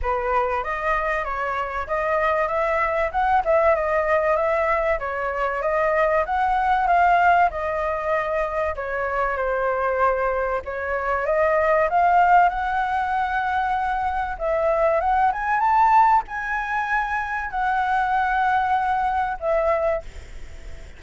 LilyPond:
\new Staff \with { instrumentName = "flute" } { \time 4/4 \tempo 4 = 96 b'4 dis''4 cis''4 dis''4 | e''4 fis''8 e''8 dis''4 e''4 | cis''4 dis''4 fis''4 f''4 | dis''2 cis''4 c''4~ |
c''4 cis''4 dis''4 f''4 | fis''2. e''4 | fis''8 gis''8 a''4 gis''2 | fis''2. e''4 | }